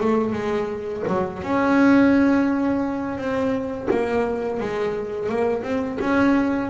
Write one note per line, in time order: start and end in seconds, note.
0.00 0.32 A3
0.32 1.03 G#3
1.07 1.42 F#3
1.42 3.17 C#4
3.17 3.88 C4
3.90 4.60 A#3
4.60 5.29 G#3
5.29 5.62 A#3
5.62 5.98 C4
6.00 6.70 C#4